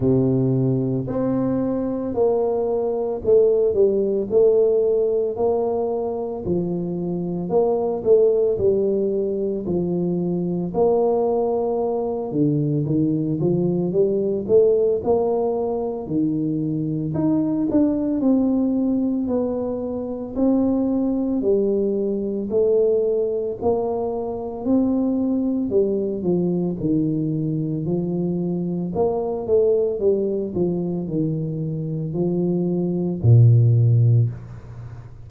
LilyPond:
\new Staff \with { instrumentName = "tuba" } { \time 4/4 \tempo 4 = 56 c4 c'4 ais4 a8 g8 | a4 ais4 f4 ais8 a8 | g4 f4 ais4. d8 | dis8 f8 g8 a8 ais4 dis4 |
dis'8 d'8 c'4 b4 c'4 | g4 a4 ais4 c'4 | g8 f8 dis4 f4 ais8 a8 | g8 f8 dis4 f4 ais,4 | }